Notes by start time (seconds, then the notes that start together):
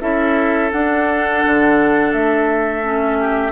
0.00 C#4 E4 A4 E5
0.71 D4 F#5
1.46 D3
2.12 A3 E5
2.83 C#4
3.19 G4